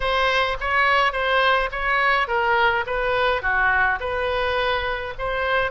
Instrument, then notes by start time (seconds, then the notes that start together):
oboe
0.00 C5
0.60 C#5
1.12 C5
1.71 C#5
2.27 A#4
2.86 B4
3.42 F#4
3.99 B4
5.18 C5